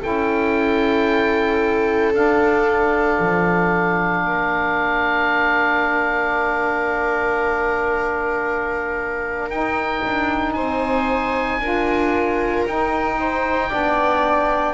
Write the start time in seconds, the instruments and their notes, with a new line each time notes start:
0.00 double bass C#4, saxophone E4, viola A4, oboe G5
2.13 double bass D4, saxophone D4, oboe F5
3.19 double bass F3
4.23 double bass A#3, viola A#4
9.48 double bass D#4, saxophone D#4, oboe G5
10.05 double bass D4
10.53 double bass C4, viola C5, oboe G#5
11.59 double bass D4, saxophone F4, viola A#4
12.66 double bass D#4, saxophone D#4, oboe G5
13.19 viola C5
13.69 double bass B3, saxophone D4, viola D5